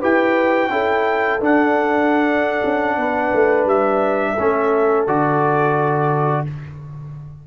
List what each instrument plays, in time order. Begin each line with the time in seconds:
0.00 tuba E4, trombone G4, horn B4, trumpet G5
0.69 tuba C#4, trombone E4, horn A4
1.39 tuba D4, trombone D4, trumpet F#5
2.64 tuba C#4
2.97 tuba B3, horn B4
3.33 tuba A3
3.65 tuba G3, trumpet E5
4.33 tuba A3, trombone C#4, horn A4
5.07 tuba D3, trombone F#4, trumpet D5